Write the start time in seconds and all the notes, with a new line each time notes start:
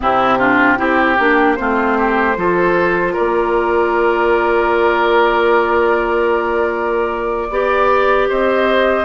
0.00 C3 C4 E4 G4
0.38 D4 F4
0.76 C4 E4 G4
1.18 A#3 D4
1.55 A3 C4 F4 C5
1.97 G4
2.35 F3 F4 A4
3.12 A#4 D5
3.19 A#3
7.50 B3 G4 D5
8.28 C4 C5 D#5